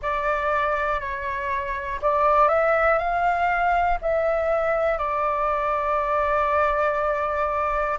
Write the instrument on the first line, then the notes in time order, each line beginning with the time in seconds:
flute
0.01 D5
1.00 C#5
2.01 D5
2.48 E5
2.98 F5
4.01 E5
4.98 D5